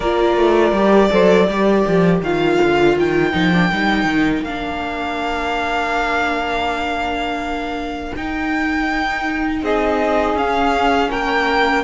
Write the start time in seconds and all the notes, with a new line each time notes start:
0.00 A#3 F4 A#4 D5
0.37 A3
0.72 G3 G4
1.10 F#3 A4 C5
1.48 G3 G4 A#4
1.87 F3
2.21 D#3 F4 F5
2.61 D3
2.96 D#3 G5
3.32 F3 D#4
3.52 D4
3.72 G3 D#4
4.04 D#3
4.41 A#3 D4 F5
8.15 D#4 G5
9.61 C4 G#4 D#5
10.34 C#4 F5
11.09 A#3 A#4 G5